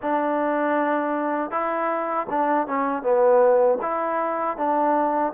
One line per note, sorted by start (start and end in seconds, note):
0.02 1.50 D4
1.50 2.26 E4
2.29 2.67 D4
2.67 3.02 C#4
3.02 3.78 B3
3.81 4.57 E4
4.57 5.33 D4